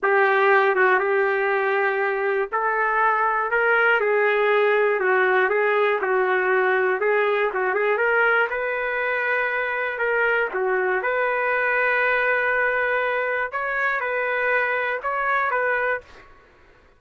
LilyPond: \new Staff \with { instrumentName = "trumpet" } { \time 4/4 \tempo 4 = 120 g'4. fis'8 g'2~ | g'4 a'2 ais'4 | gis'2 fis'4 gis'4 | fis'2 gis'4 fis'8 gis'8 |
ais'4 b'2. | ais'4 fis'4 b'2~ | b'2. cis''4 | b'2 cis''4 b'4 | }